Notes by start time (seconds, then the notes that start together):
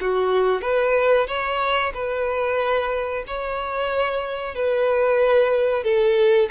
0.00 F#4
0.61 B4
1.27 C#5
1.94 B4
3.26 C#5
4.54 B4
5.83 A4